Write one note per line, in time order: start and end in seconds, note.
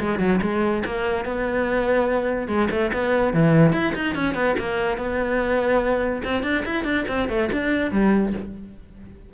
0.00 0.19 G#3
0.19 0.40 F#3
0.42 0.84 G#3
0.86 1.25 A#3
1.25 2.48 B3
2.48 2.69 G#3
2.71 2.91 A3
2.93 3.34 B3
3.34 3.73 E3
3.73 3.94 E4
3.95 4.15 D#4
4.15 4.35 C#4
4.35 4.56 B3
4.59 4.98 A#3
4.98 6.23 B3
6.24 6.43 C4
6.43 6.64 D4
6.66 6.84 E4
6.84 7.05 D4
7.09 7.29 C4
7.29 7.50 A3
7.52 7.91 D4
7.91 8.33 G3